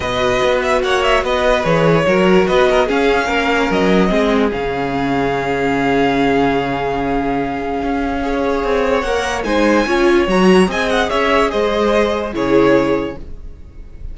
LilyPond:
<<
  \new Staff \with { instrumentName = "violin" } { \time 4/4 \tempo 4 = 146 dis''4. e''8 fis''8 e''8 dis''4 | cis''2 dis''4 f''4~ | f''4 dis''2 f''4~ | f''1~ |
f''1~ | f''2 fis''4 gis''4~ | gis''4 ais''4 gis''8 fis''8 e''4 | dis''2 cis''2 | }
  \new Staff \with { instrumentName = "violin" } { \time 4/4 b'2 cis''4 b'4~ | b'4 ais'4 b'8 ais'8 gis'4 | ais'2 gis'2~ | gis'1~ |
gis'1 | cis''2. c''4 | cis''2 dis''4 cis''4 | c''2 gis'2 | }
  \new Staff \with { instrumentName = "viola" } { \time 4/4 fis'1 | gis'4 fis'2 cis'4~ | cis'2 c'4 cis'4~ | cis'1~ |
cis'1 | gis'2 ais'4 dis'4 | f'4 fis'4 gis'2~ | gis'2 e'2 | }
  \new Staff \with { instrumentName = "cello" } { \time 4/4 b,4 b4 ais4 b4 | e4 fis4 b4 cis'4 | ais4 fis4 gis4 cis4~ | cis1~ |
cis2. cis'4~ | cis'4 c'4 ais4 gis4 | cis'4 fis4 c'4 cis'4 | gis2 cis2 | }
>>